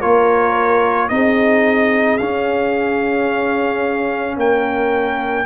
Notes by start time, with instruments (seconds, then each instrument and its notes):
0.00 tuba A#3, trombone F4, horn A#4, trumpet C#5
1.09 tuba C4, trombone D#4, horn G#4, trumpet D#5
2.17 tuba C#4, trombone C#4, trumpet F5
4.37 tuba A#3, horn A#4, trumpet G5